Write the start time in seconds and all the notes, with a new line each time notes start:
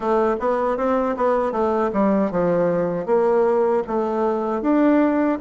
0.00 A3
0.39 B3
0.77 C4
1.16 B3
1.51 A3
1.92 G3
2.31 F3
3.06 A#3
3.87 A3
4.61 D4